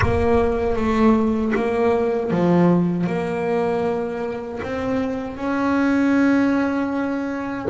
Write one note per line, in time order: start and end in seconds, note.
0.01 0.76 A#3
0.76 1.52 A3
1.55 2.30 A#3
2.30 3.06 F3
3.06 4.60 A#3
4.62 5.37 C4
5.37 7.67 C#4